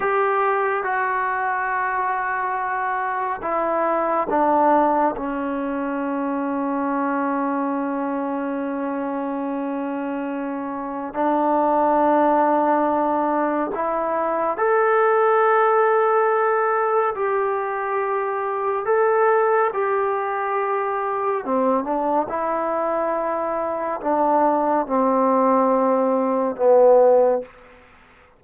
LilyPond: \new Staff \with { instrumentName = "trombone" } { \time 4/4 \tempo 4 = 70 g'4 fis'2. | e'4 d'4 cis'2~ | cis'1~ | cis'4 d'2. |
e'4 a'2. | g'2 a'4 g'4~ | g'4 c'8 d'8 e'2 | d'4 c'2 b4 | }